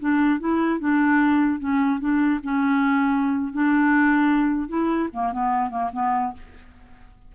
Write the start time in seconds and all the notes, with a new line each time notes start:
0.00 D4
0.40 E4
0.80 D4
1.60 C#4
2.00 D4
2.43 C#4
3.53 D4
4.69 E4
5.13 A#3
5.32 B3
5.70 A#3
5.93 B3